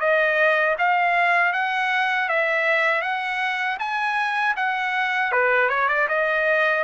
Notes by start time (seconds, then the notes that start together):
0.00 D#5
0.79 F5
1.53 F#5
2.29 E5
3.02 F#5
3.80 G#5
4.57 F#5
5.32 B4
5.70 C#5
5.89 D5
6.09 D#5